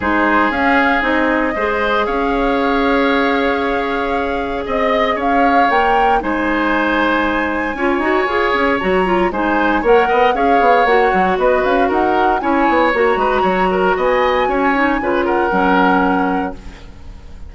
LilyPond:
<<
  \new Staff \with { instrumentName = "flute" } { \time 4/4 \tempo 4 = 116 c''4 f''4 dis''2 | f''1~ | f''4 dis''4 f''4 g''4 | gis''1~ |
gis''4 ais''4 gis''4 fis''4 | f''4 fis''4 dis''8 f''8 fis''4 | gis''4 ais''2 gis''4~ | gis''4. fis''2~ fis''8 | }
  \new Staff \with { instrumentName = "oboe" } { \time 4/4 gis'2. c''4 | cis''1~ | cis''4 dis''4 cis''2 | c''2. cis''4~ |
cis''2 c''4 cis''8 dis''8 | cis''2 b'4 ais'4 | cis''4. b'8 cis''8 ais'8 dis''4 | cis''4 b'8 ais'2~ ais'8 | }
  \new Staff \with { instrumentName = "clarinet" } { \time 4/4 dis'4 cis'4 dis'4 gis'4~ | gis'1~ | gis'2. ais'4 | dis'2. f'8 fis'8 |
gis'4 fis'8 f'8 dis'4 ais'4 | gis'4 fis'2. | e'4 fis'2.~ | fis'8 dis'8 f'4 cis'2 | }
  \new Staff \with { instrumentName = "bassoon" } { \time 4/4 gis4 cis'4 c'4 gis4 | cis'1~ | cis'4 c'4 cis'4 ais4 | gis2. cis'8 dis'8 |
f'8 cis'8 fis4 gis4 ais8 b8 | cis'8 b8 ais8 fis8 b8 cis'8 dis'4 | cis'8 b8 ais8 gis8 fis4 b4 | cis'4 cis4 fis2 | }
>>